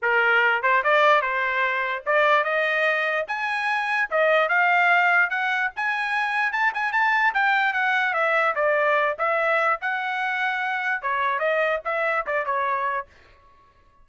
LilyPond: \new Staff \with { instrumentName = "trumpet" } { \time 4/4 \tempo 4 = 147 ais'4. c''8 d''4 c''4~ | c''4 d''4 dis''2 | gis''2 dis''4 f''4~ | f''4 fis''4 gis''2 |
a''8 gis''8 a''4 g''4 fis''4 | e''4 d''4. e''4. | fis''2. cis''4 | dis''4 e''4 d''8 cis''4. | }